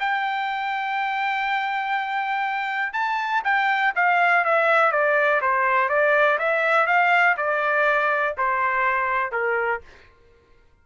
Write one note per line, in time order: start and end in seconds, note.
0.00 2.93 G5
2.93 3.42 A5
3.44 3.93 G5
3.95 4.45 F5
4.45 4.92 E5
4.92 5.41 D5
5.41 5.89 C5
5.89 6.38 D5
6.39 6.87 E5
6.87 7.36 F5
7.37 8.36 D5
8.37 9.32 C5
9.32 9.81 A#4